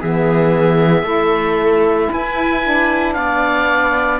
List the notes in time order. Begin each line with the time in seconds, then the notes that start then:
0.00 E3 B3 G#4 E5
1.03 A3 E4 A4
2.12 E4 B4 G#5
2.62 D4
3.14 B3 D5 F5